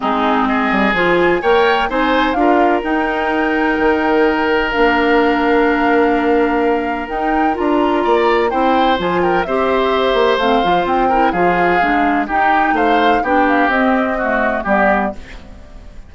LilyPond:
<<
  \new Staff \with { instrumentName = "flute" } { \time 4/4 \tempo 4 = 127 gis'4 dis''4 gis''4 g''4 | gis''4 f''4 g''2~ | g''2 f''2~ | f''2. g''4 |
ais''2 g''4 gis''8 g''8 | e''2 f''4 g''4 | f''2 g''4 f''4 | g''8 f''8 dis''2 d''4 | }
  \new Staff \with { instrumentName = "oboe" } { \time 4/4 dis'4 gis'2 cis''4 | c''4 ais'2.~ | ais'1~ | ais'1~ |
ais'4 d''4 c''4. ais'8 | c''2.~ c''8 ais'8 | gis'2 g'4 c''4 | g'2 fis'4 g'4 | }
  \new Staff \with { instrumentName = "clarinet" } { \time 4/4 c'2 f'4 ais'4 | dis'4 f'4 dis'2~ | dis'2 d'2~ | d'2. dis'4 |
f'2 e'4 f'4 | g'2 c'8 f'4 e'8 | f'4 d'4 dis'2 | d'4 c'4 a4 b4 | }
  \new Staff \with { instrumentName = "bassoon" } { \time 4/4 gis4. g8 f4 ais4 | c'4 d'4 dis'2 | dis2 ais2~ | ais2. dis'4 |
d'4 ais4 c'4 f4 | c'4. ais8 a8 f8 c'4 | f4 gis4 dis'4 a4 | b4 c'2 g4 | }
>>